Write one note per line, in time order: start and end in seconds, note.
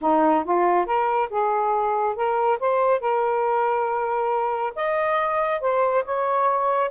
0.01 0.44 D#4
0.44 0.85 F4
0.85 1.29 A#4
1.30 2.15 G#4
2.15 2.58 A#4
2.59 3.00 C5
3.00 4.73 A#4
4.75 5.60 D#5
5.60 6.03 C5
6.04 6.91 C#5